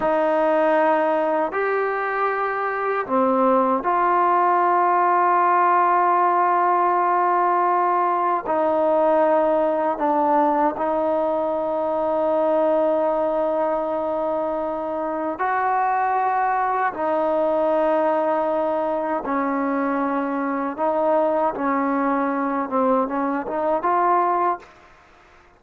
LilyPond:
\new Staff \with { instrumentName = "trombone" } { \time 4/4 \tempo 4 = 78 dis'2 g'2 | c'4 f'2.~ | f'2. dis'4~ | dis'4 d'4 dis'2~ |
dis'1 | fis'2 dis'2~ | dis'4 cis'2 dis'4 | cis'4. c'8 cis'8 dis'8 f'4 | }